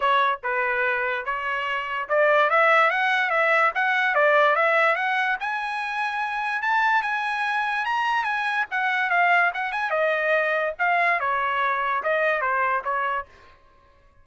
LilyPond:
\new Staff \with { instrumentName = "trumpet" } { \time 4/4 \tempo 4 = 145 cis''4 b'2 cis''4~ | cis''4 d''4 e''4 fis''4 | e''4 fis''4 d''4 e''4 | fis''4 gis''2. |
a''4 gis''2 ais''4 | gis''4 fis''4 f''4 fis''8 gis''8 | dis''2 f''4 cis''4~ | cis''4 dis''4 c''4 cis''4 | }